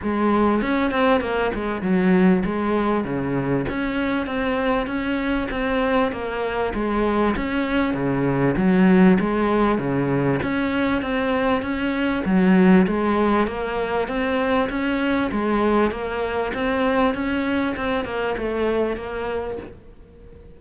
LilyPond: \new Staff \with { instrumentName = "cello" } { \time 4/4 \tempo 4 = 98 gis4 cis'8 c'8 ais8 gis8 fis4 | gis4 cis4 cis'4 c'4 | cis'4 c'4 ais4 gis4 | cis'4 cis4 fis4 gis4 |
cis4 cis'4 c'4 cis'4 | fis4 gis4 ais4 c'4 | cis'4 gis4 ais4 c'4 | cis'4 c'8 ais8 a4 ais4 | }